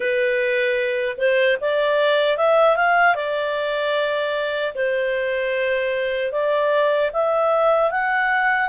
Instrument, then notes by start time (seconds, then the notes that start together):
clarinet
0.00 B4
1.17 C5
1.60 D5
2.37 E5
2.76 F5
3.15 D5
4.74 C5
6.32 D5
7.13 E5
7.91 F#5